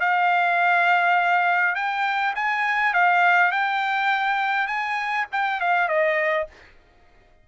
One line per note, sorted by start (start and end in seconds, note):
0.00 1.75 F5
1.75 2.34 G5
2.35 2.93 G#5
2.93 3.51 F5
3.51 4.67 G5
4.67 5.26 G#5
5.32 5.60 G5
5.60 5.88 F5
5.88 6.47 D#5